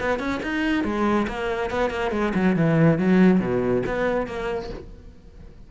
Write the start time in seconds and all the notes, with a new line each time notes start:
0.00 B3
0.19 C#4
0.43 D#4
0.84 G#3
1.27 A#3
1.70 B3
1.91 A#3
2.11 G#3
2.34 F#3
2.56 E3
2.98 F#3
3.40 B2
3.86 B3
4.27 A#3